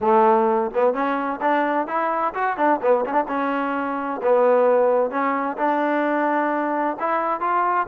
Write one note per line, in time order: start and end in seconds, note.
0.01 0.70 A3
0.74 0.93 B3
0.93 1.40 C#4
1.41 1.87 D4
1.87 2.33 E4
2.34 2.57 F#4
2.57 2.80 D4
2.82 3.05 B3
3.05 3.12 C#4
3.12 3.24 D4
3.27 4.21 C#4
4.22 5.10 B3
5.10 5.56 C#4
5.57 6.96 D4
6.99 7.40 E4
7.40 7.86 F4